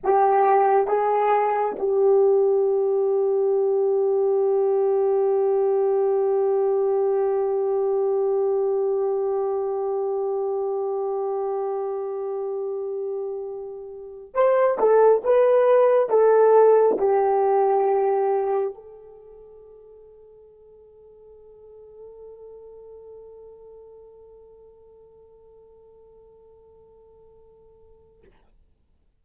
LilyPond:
\new Staff \with { instrumentName = "horn" } { \time 4/4 \tempo 4 = 68 g'4 gis'4 g'2~ | g'1~ | g'1~ | g'1~ |
g'16 c''8 a'8 b'4 a'4 g'8.~ | g'4~ g'16 a'2~ a'8.~ | a'1~ | a'1 | }